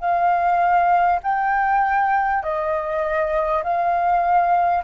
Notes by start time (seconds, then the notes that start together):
0.00 F5
1.23 G5
2.43 D#5
3.64 F5